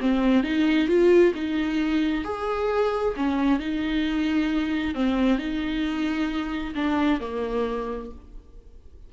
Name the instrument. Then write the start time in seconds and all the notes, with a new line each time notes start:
viola
0.00 C4
0.43 D#4
0.88 F4
1.34 D#4
2.24 G#4
3.16 C#4
3.59 D#4
4.94 C4
5.38 D#4
6.75 D4
7.20 A#3